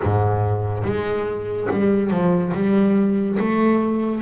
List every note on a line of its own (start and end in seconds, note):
0.02 0.83 G#2
0.83 1.68 G#3
1.70 2.10 G3
2.10 2.52 F3
2.53 3.38 G3
3.39 4.21 A3